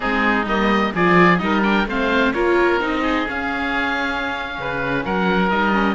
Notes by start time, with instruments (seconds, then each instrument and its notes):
0.00 cello G#3, viola C4, oboe D#4 G#4
0.45 cello G3, viola A#3, oboe D#5
0.94 cello F3, viola F4, oboe G#4 D5
1.38 cello G3, viola D#4, oboe A#4 D#5
1.62 viola D4, oboe G5
1.86 cello A3, viola C4, oboe C5 F5
2.32 cello A#3, viola F4, oboe A#4 C#5
2.80 cello C4, viola D#4, oboe D#5
3.02 oboe G#4
3.26 viola C#4, cello C#4, oboe F5
4.58 cello C#3, oboe B4
5.04 cello F#3, oboe A#4 F#5
5.50 cello G3, viola D#4, oboe D#5
5.72 viola C#4